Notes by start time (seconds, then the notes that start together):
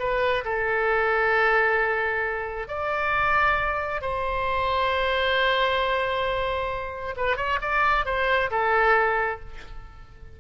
0.00 B4
0.45 A4
2.68 D5
4.02 C5
7.17 B4
7.37 C#5
7.62 D5
8.06 C5
8.51 A4